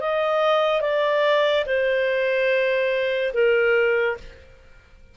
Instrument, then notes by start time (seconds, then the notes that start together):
clarinet
0.00 D#5
0.81 D5
1.66 C5
3.33 A#4